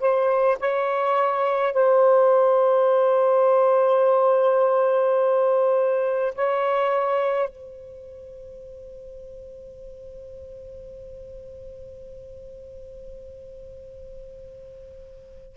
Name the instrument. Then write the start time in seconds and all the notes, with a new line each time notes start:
saxophone
0.00 C5
0.60 C#5
1.73 C5
6.35 C#5
7.49 C5